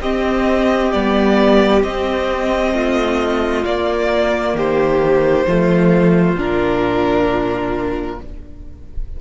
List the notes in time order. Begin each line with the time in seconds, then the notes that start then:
0.00 C4 G4 D#5
0.91 G3 B3 D5
1.82 C4 D#5
2.74 A3 F4
3.65 A#3 D5
4.54 D#3 G4 C5
5.46 F3 A3 F4
6.35 A#2 D4 A#4